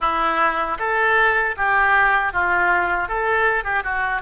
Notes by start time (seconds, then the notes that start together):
0.00 E4
0.78 A4
1.56 G4
2.33 F4
3.08 A4
3.64 G4
3.83 F#4